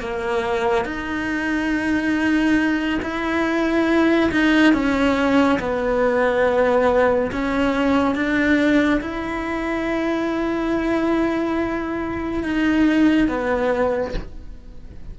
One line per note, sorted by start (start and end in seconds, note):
0.00 0.85 A#3
0.85 2.99 D#4
3.02 4.30 E4
4.31 4.73 D#4
4.73 5.59 C#4
5.59 7.31 B3
7.31 8.15 C#4
8.15 9.00 D4
9.01 12.43 E4
12.43 13.28 D#4
13.28 14.14 B3